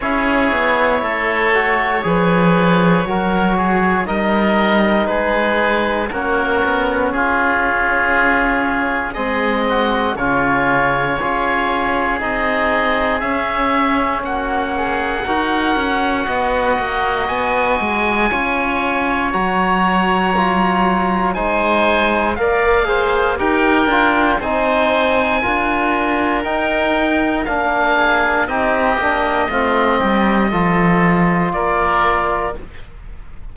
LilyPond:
<<
  \new Staff \with { instrumentName = "oboe" } { \time 4/4 \tempo 4 = 59 cis''1 | dis''4 b'4 ais'4 gis'4~ | gis'4 dis''4 cis''2 | dis''4 e''4 fis''2~ |
fis''4 gis''2 ais''4~ | ais''4 gis''4 f''4 g''4 | gis''2 g''4 f''4 | dis''2. d''4 | }
  \new Staff \with { instrumentName = "oboe" } { \time 4/4 gis'4 a'4 b'4 ais'8 gis'8 | ais'4 gis'4 fis'4 f'4~ | f'4 gis'8 fis'8 f'4 gis'4~ | gis'2 fis'8 gis'8 ais'4 |
dis''2 cis''2~ | cis''4 c''4 d''8 c''8 ais'4 | c''4 ais'2~ ais'8 gis'8 | g'4 f'8 g'8 a'4 ais'4 | }
  \new Staff \with { instrumentName = "trombone" } { \time 4/4 e'4. fis'8 gis'4 fis'4 | dis'2 cis'2~ | cis'4 c'4 cis'4 f'4 | dis'4 cis'2 fis'4~ |
fis'2 f'4 fis'4 | f'4 dis'4 ais'8 gis'8 g'8 f'8 | dis'4 f'4 dis'4 d'4 | dis'8 d'8 c'4 f'2 | }
  \new Staff \with { instrumentName = "cello" } { \time 4/4 cis'8 b8 a4 f4 fis4 | g4 gis4 ais8 b8 cis'4~ | cis'4 gis4 cis4 cis'4 | c'4 cis'4 ais4 dis'8 cis'8 |
b8 ais8 b8 gis8 cis'4 fis4~ | fis4 gis4 ais4 dis'8 d'8 | c'4 d'4 dis'4 ais4 | c'8 ais8 a8 g8 f4 ais4 | }
>>